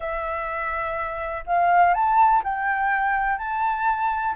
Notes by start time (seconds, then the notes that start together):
0.00 E5
1.46 F5
1.94 A5
2.43 G5
3.38 A5